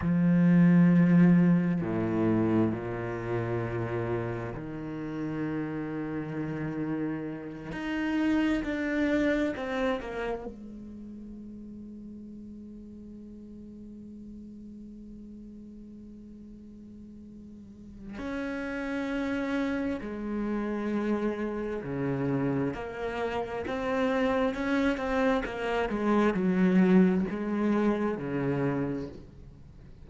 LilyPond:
\new Staff \with { instrumentName = "cello" } { \time 4/4 \tempo 4 = 66 f2 a,4 ais,4~ | ais,4 dis2.~ | dis8 dis'4 d'4 c'8 ais8 gis8~ | gis1~ |
gis1 | cis'2 gis2 | cis4 ais4 c'4 cis'8 c'8 | ais8 gis8 fis4 gis4 cis4 | }